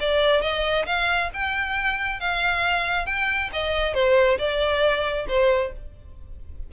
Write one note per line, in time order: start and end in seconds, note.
0.00 0.42 D5
0.42 0.86 D#5
0.86 1.30 F5
1.34 2.20 G5
2.20 3.06 F5
3.06 3.50 G5
3.53 3.94 D#5
3.94 4.38 C5
4.38 5.27 D5
5.28 5.72 C5